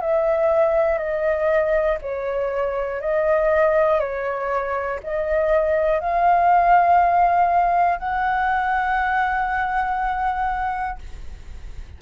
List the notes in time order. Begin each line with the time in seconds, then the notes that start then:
0.00 E5
0.98 D#5
2.01 C#5
3.00 D#5
4.00 C#5
5.03 D#5
6.00 F5
7.98 F#5